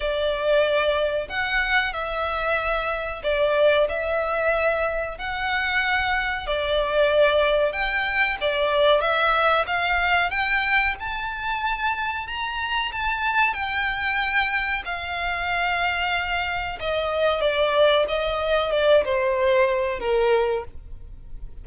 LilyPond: \new Staff \with { instrumentName = "violin" } { \time 4/4 \tempo 4 = 93 d''2 fis''4 e''4~ | e''4 d''4 e''2 | fis''2 d''2 | g''4 d''4 e''4 f''4 |
g''4 a''2 ais''4 | a''4 g''2 f''4~ | f''2 dis''4 d''4 | dis''4 d''8 c''4. ais'4 | }